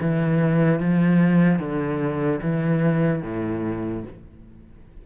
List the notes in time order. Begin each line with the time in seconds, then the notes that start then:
0.00 E3
0.79 F3
1.58 D3
2.41 E3
3.22 A2